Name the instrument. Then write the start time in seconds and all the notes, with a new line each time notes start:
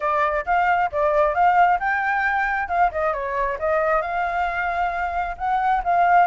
flute
0.00 D5
0.45 F5
0.91 D5
1.34 F5
1.79 G5
2.68 F5
2.91 D#5
3.13 C#5
3.59 D#5
4.01 F5
5.37 F#5
5.84 F5